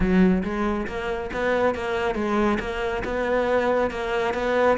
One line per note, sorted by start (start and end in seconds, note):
0.00 0.42 F#3
0.43 0.86 G#3
0.87 1.30 A#3
1.33 1.74 B3
1.74 2.15 A#3
2.15 2.58 G#3
2.59 3.03 A#3
3.04 3.90 B3
3.90 4.34 A#3
4.34 4.77 B3